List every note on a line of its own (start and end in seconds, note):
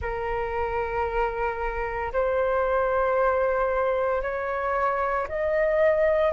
0.01 2.12 A#4
2.12 4.22 C5
4.22 5.27 C#5
5.28 6.32 D#5